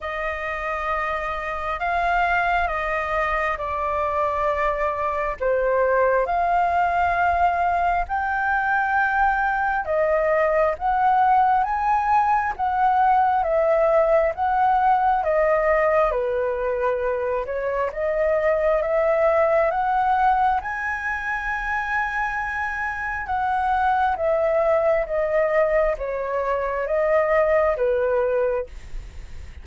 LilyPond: \new Staff \with { instrumentName = "flute" } { \time 4/4 \tempo 4 = 67 dis''2 f''4 dis''4 | d''2 c''4 f''4~ | f''4 g''2 dis''4 | fis''4 gis''4 fis''4 e''4 |
fis''4 dis''4 b'4. cis''8 | dis''4 e''4 fis''4 gis''4~ | gis''2 fis''4 e''4 | dis''4 cis''4 dis''4 b'4 | }